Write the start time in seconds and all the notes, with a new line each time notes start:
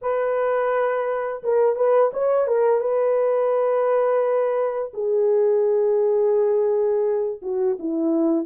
0.01 B4
1.43 A#4
1.76 B4
2.13 C#5
2.47 A#4
2.80 B4
4.93 G#4
7.42 F#4
7.79 E4